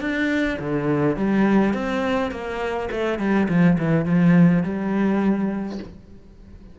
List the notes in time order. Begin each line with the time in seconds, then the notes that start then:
0.00 D4
0.59 D3
1.16 G3
1.73 C4
2.31 A#3
2.91 A3
3.19 G3
3.49 F3
3.78 E3
4.05 F3
4.63 G3